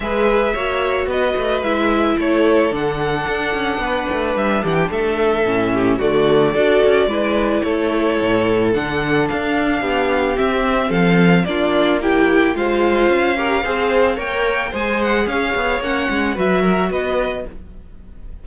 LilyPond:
<<
  \new Staff \with { instrumentName = "violin" } { \time 4/4 \tempo 4 = 110 e''2 dis''4 e''4 | cis''4 fis''2. | e''8 fis''16 g''16 e''2 d''4~ | d''2 cis''2 |
fis''4 f''2 e''4 | f''4 d''4 g''4 f''4~ | f''2 g''4 gis''8 fis''8 | f''4 fis''4 e''4 dis''4 | }
  \new Staff \with { instrumentName = "violin" } { \time 4/4 b'4 cis''4 b'2 | a'2. b'4~ | b'8 g'8 a'4. g'8 fis'4 | a'4 b'4 a'2~ |
a'2 g'2 | a'4 f'4 g'4 c''4~ | c''8 ais'8 c''4 cis''4 c''4 | cis''2 b'8 ais'8 b'4 | }
  \new Staff \with { instrumentName = "viola" } { \time 4/4 gis'4 fis'2 e'4~ | e'4 d'2.~ | d'2 cis'4 a4 | fis'4 e'2. |
d'2. c'4~ | c'4 d'4 e'4 f'4~ | f'8 g'8 gis'4 ais'4 gis'4~ | gis'4 cis'4 fis'2 | }
  \new Staff \with { instrumentName = "cello" } { \time 4/4 gis4 ais4 b8 a8 gis4 | a4 d4 d'8 cis'8 b8 a8 | g8 e8 a4 a,4 d4 | d'8 cis'8 gis4 a4 a,4 |
d4 d'4 b4 c'4 | f4 ais2 gis4 | cis'4 c'4 ais4 gis4 | cis'8 b8 ais8 gis8 fis4 b4 | }
>>